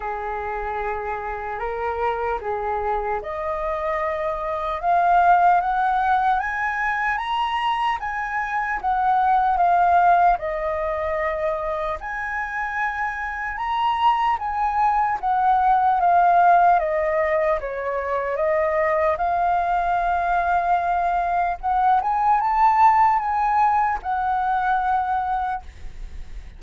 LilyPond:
\new Staff \with { instrumentName = "flute" } { \time 4/4 \tempo 4 = 75 gis'2 ais'4 gis'4 | dis''2 f''4 fis''4 | gis''4 ais''4 gis''4 fis''4 | f''4 dis''2 gis''4~ |
gis''4 ais''4 gis''4 fis''4 | f''4 dis''4 cis''4 dis''4 | f''2. fis''8 gis''8 | a''4 gis''4 fis''2 | }